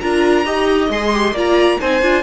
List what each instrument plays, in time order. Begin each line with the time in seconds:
0.00 cello D4, viola F4, violin A#4 A#5
0.45 cello D#4, viola G4, violin D#5
0.89 cello G#3, viola G#4, violin C6
1.12 viola G4
1.31 cello A#3, viola F4, violin D5
1.37 violin A#5
1.80 cello C4, viola D#4, violin C5 G#5
2.01 cello D4, viola F4